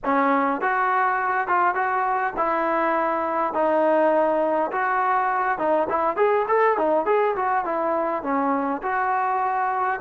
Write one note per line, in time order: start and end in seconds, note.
0.04 0.61 C#4
0.61 1.47 F#4
1.47 1.75 F4
1.75 2.33 F#4
2.36 3.53 E4
3.53 4.71 D#4
4.71 5.58 F#4
5.58 5.87 D#4
5.89 6.16 E4
6.16 6.45 G#4
6.48 6.77 A4
6.77 7.05 D#4
7.05 7.35 G#4
7.35 7.65 F#4
7.65 8.22 E4
8.22 8.81 C#4
8.82 10.00 F#4